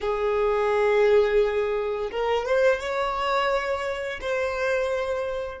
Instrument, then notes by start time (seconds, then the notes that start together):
violin
0.01 G#4
2.11 A#4
2.45 C5
2.80 C#5
4.21 C5